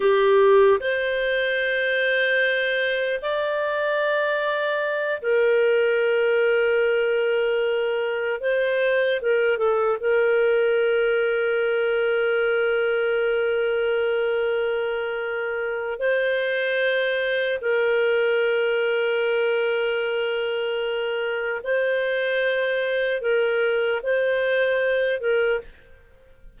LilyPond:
\new Staff \with { instrumentName = "clarinet" } { \time 4/4 \tempo 4 = 75 g'4 c''2. | d''2~ d''8 ais'4.~ | ais'2~ ais'8 c''4 ais'8 | a'8 ais'2.~ ais'8~ |
ais'1 | c''2 ais'2~ | ais'2. c''4~ | c''4 ais'4 c''4. ais'8 | }